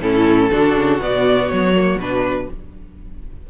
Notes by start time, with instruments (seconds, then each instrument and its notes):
0.00 cello A2, viola C#4, violin E4 A4
0.50 cello D3, viola D4, violin F#4
0.75 cello C#3
1.00 cello B2, viola B3, violin D5
1.49 cello F#3, violin C#5
1.75 viola A#3
1.96 cello B2, viola D4, violin B4